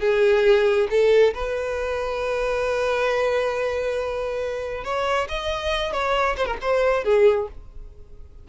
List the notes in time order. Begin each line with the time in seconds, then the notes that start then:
0.00 G#4
0.90 A4
1.34 B4
4.84 C#5
5.28 D#5
5.92 C#5
6.37 C5
6.46 A#4
6.61 C5
7.04 G#4